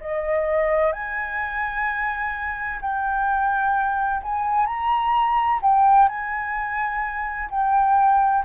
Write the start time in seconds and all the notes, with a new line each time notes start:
0.00 D#5
0.92 G#5
2.81 G5
4.23 G#5
4.66 A#5
5.62 G5
6.08 G#5
7.50 G5